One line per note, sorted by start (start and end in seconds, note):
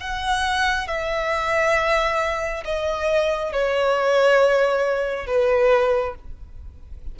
0.00 0.87 F#5
0.87 2.64 E5
2.64 3.52 D#5
3.52 5.27 C#5
5.27 6.15 B4